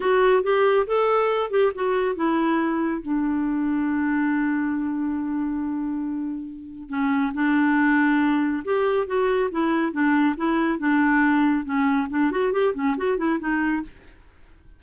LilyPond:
\new Staff \with { instrumentName = "clarinet" } { \time 4/4 \tempo 4 = 139 fis'4 g'4 a'4. g'8 | fis'4 e'2 d'4~ | d'1~ | d'1 |
cis'4 d'2. | g'4 fis'4 e'4 d'4 | e'4 d'2 cis'4 | d'8 fis'8 g'8 cis'8 fis'8 e'8 dis'4 | }